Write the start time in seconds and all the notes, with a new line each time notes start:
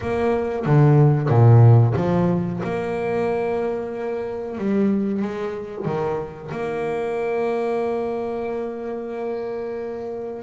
0.01 A#3
0.65 D3
1.28 A#2
1.96 F3
2.63 A#3
4.58 G3
5.22 G#3
5.85 D#3
6.51 A#3